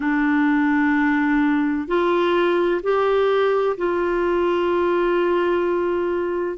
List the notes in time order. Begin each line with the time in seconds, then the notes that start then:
0.00 D4
1.87 F4
2.83 G4
3.77 F4